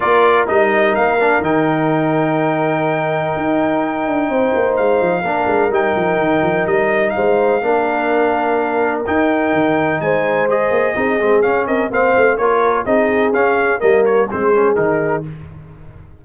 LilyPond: <<
  \new Staff \with { instrumentName = "trumpet" } { \time 4/4 \tempo 4 = 126 d''4 dis''4 f''4 g''4~ | g''1~ | g''2 f''2 | g''2 dis''4 f''4~ |
f''2. g''4~ | g''4 gis''4 dis''2 | f''8 dis''8 f''4 cis''4 dis''4 | f''4 dis''8 cis''8 c''4 ais'4 | }
  \new Staff \with { instrumentName = "horn" } { \time 4/4 ais'1~ | ais'1~ | ais'4 c''2 ais'4~ | ais'2. c''4 |
ais'1~ | ais'4 c''2 gis'4~ | gis'8 ais'8 c''4 ais'4 gis'4~ | gis'4 ais'4 gis'2 | }
  \new Staff \with { instrumentName = "trombone" } { \time 4/4 f'4 dis'4. d'8 dis'4~ | dis'1~ | dis'2. d'4 | dis'1 |
d'2. dis'4~ | dis'2 gis'4 dis'8 c'8 | cis'4 c'4 f'4 dis'4 | cis'4 ais4 c'8 cis'8 dis'4 | }
  \new Staff \with { instrumentName = "tuba" } { \time 4/4 ais4 g4 ais4 dis4~ | dis2. dis'4~ | dis'8 d'8 c'8 ais8 gis8 f8 ais8 gis8 | g8 f8 dis8 f8 g4 gis4 |
ais2. dis'4 | dis4 gis4. ais8 c'8 gis8 | cis'8 c'8 ais8 a8 ais4 c'4 | cis'4 g4 gis4 dis4 | }
>>